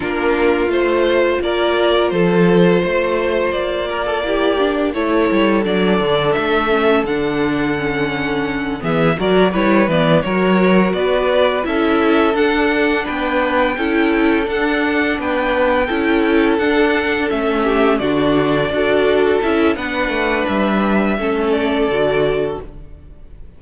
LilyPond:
<<
  \new Staff \with { instrumentName = "violin" } { \time 4/4 \tempo 4 = 85 ais'4 c''4 d''4 c''4~ | c''4 d''2 cis''4 | d''4 e''4 fis''2~ | fis''8 e''8 d''8 cis''8 d''8 cis''4 d''8~ |
d''8 e''4 fis''4 g''4.~ | g''8 fis''4 g''2 fis''8~ | fis''8 e''4 d''2 e''8 | fis''4 e''4. d''4. | }
  \new Staff \with { instrumentName = "violin" } { \time 4/4 f'2 ais'4 a'4 | c''4. ais'16 a'16 g'4 a'4~ | a'1~ | a'8 gis'8 ais'8 b'4 ais'4 b'8~ |
b'8 a'2 b'4 a'8~ | a'4. b'4 a'4.~ | a'4 g'8 fis'4 a'4. | b'2 a'2 | }
  \new Staff \with { instrumentName = "viola" } { \time 4/4 d'4 f'2.~ | f'2 e'8 d'8 e'4 | d'4. cis'8 d'4 cis'4~ | cis'8 b8 fis'8 e'8 b8 fis'4.~ |
fis'8 e'4 d'2 e'8~ | e'8 d'2 e'4 d'8~ | d'8 cis'4 d'4 fis'4 e'8 | d'2 cis'4 fis'4 | }
  \new Staff \with { instrumentName = "cello" } { \time 4/4 ais4 a4 ais4 f4 | a4 ais2 a8 g8 | fis8 d8 a4 d2~ | d8 e8 fis8 g8 e8 fis4 b8~ |
b8 cis'4 d'4 b4 cis'8~ | cis'8 d'4 b4 cis'4 d'8~ | d'8 a4 d4 d'4 cis'8 | b8 a8 g4 a4 d4 | }
>>